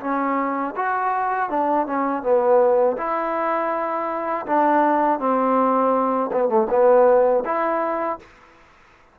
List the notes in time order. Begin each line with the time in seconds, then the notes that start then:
0.00 C#4
0.76 F#4
1.49 D4
1.87 C#4
2.22 B3
2.97 E4
4.46 D4
5.19 C4
6.32 B3
6.48 A3
6.69 B3
7.45 E4